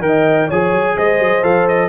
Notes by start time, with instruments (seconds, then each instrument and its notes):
0.00 tuba D#3, trombone A#4, trumpet G5
0.06 horn D#5
0.48 tuba F3, trombone G#4, horn C#5, trumpet G#5
0.72 tuba F#3
0.95 tuba G#3, horn C5, trumpet D#5
1.19 tuba F#3
1.43 tuba F3, trombone A4, trumpet F5
1.68 trumpet D#5